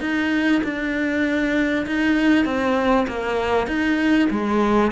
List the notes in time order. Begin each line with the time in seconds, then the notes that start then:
0.00 D#4
0.63 D4
1.86 D#4
2.45 C4
3.08 A#3
3.67 D#4
4.30 G#3